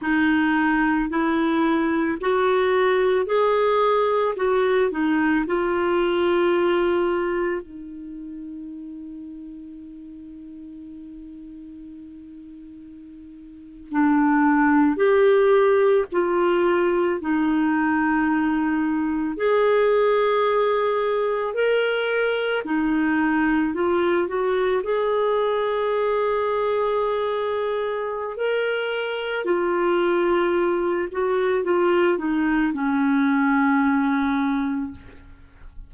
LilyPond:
\new Staff \with { instrumentName = "clarinet" } { \time 4/4 \tempo 4 = 55 dis'4 e'4 fis'4 gis'4 | fis'8 dis'8 f'2 dis'4~ | dis'1~ | dis'8. d'4 g'4 f'4 dis'16~ |
dis'4.~ dis'16 gis'2 ais'16~ | ais'8. dis'4 f'8 fis'8 gis'4~ gis'16~ | gis'2 ais'4 f'4~ | f'8 fis'8 f'8 dis'8 cis'2 | }